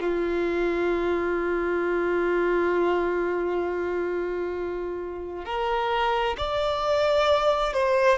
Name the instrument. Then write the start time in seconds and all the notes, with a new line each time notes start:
violin
0.00 F4
5.45 A#4
6.38 D5
7.74 C5